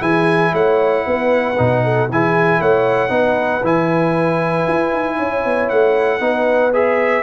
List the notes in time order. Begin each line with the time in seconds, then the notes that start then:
0.00 E3 E4 G#4 G#5
0.53 A3 C#5 F#5
1.07 B3 B4
1.58 B2 D#4
1.84 A4
2.10 E3 E4 G#4 G#5
2.60 A3 C#5 F#5
3.09 B3 D#4 B4
3.64 E3 E4 G#5
4.68 E4
4.93 D#4
5.17 C#4 C#5
5.45 B3
5.70 A3 F#5
6.20 B3 D#4 B4
6.74 G#4 E5